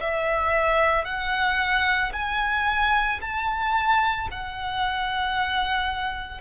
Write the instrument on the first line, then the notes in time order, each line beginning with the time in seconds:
violin
0.00 E5
1.05 F#5
2.13 G#5
3.21 A5
4.31 F#5